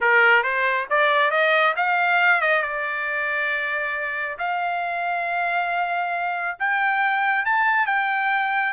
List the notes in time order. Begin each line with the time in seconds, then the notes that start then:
0.00 A#4
0.43 C5
0.90 D5
1.30 D#5
1.76 F5
2.41 D#5
2.62 D5
4.38 F5
6.59 G5
7.45 A5
7.86 G5